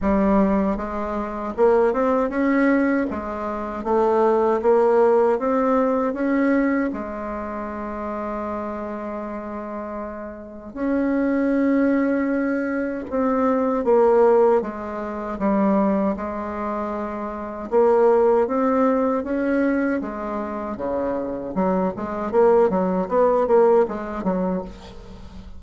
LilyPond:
\new Staff \with { instrumentName = "bassoon" } { \time 4/4 \tempo 4 = 78 g4 gis4 ais8 c'8 cis'4 | gis4 a4 ais4 c'4 | cis'4 gis2.~ | gis2 cis'2~ |
cis'4 c'4 ais4 gis4 | g4 gis2 ais4 | c'4 cis'4 gis4 cis4 | fis8 gis8 ais8 fis8 b8 ais8 gis8 fis8 | }